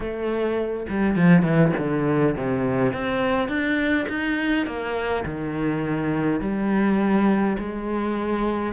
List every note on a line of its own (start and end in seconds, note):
0.00 0.86 A3
0.89 1.15 G3
1.15 1.42 F3
1.42 1.71 E3
1.77 2.36 D3
2.36 2.93 C3
2.93 3.48 C4
3.48 4.06 D4
4.08 4.66 D#4
4.66 5.24 A#3
5.25 6.40 D#3
6.40 7.56 G3
7.58 8.73 G#3